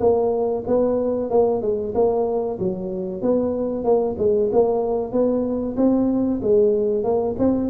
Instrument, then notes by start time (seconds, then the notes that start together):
tuba
0.00 A#3
0.67 B3
1.30 A#3
1.62 G#3
1.95 A#3
2.59 F#3
3.22 B3
3.84 A#3
4.18 G#3
4.52 A#3
5.12 B3
5.77 C4
6.42 G#3
7.04 A#3
7.39 C4